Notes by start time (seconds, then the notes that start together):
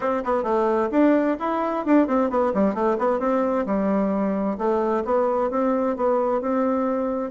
0.00 C4
0.24 B3
0.43 A3
0.91 D4
1.39 E4
1.85 D4
2.07 C4
2.30 B3
2.54 G3
2.74 A3
2.98 B3
3.19 C4
3.65 G3
4.58 A3
5.04 B3
5.50 C4
5.96 B3
6.41 C4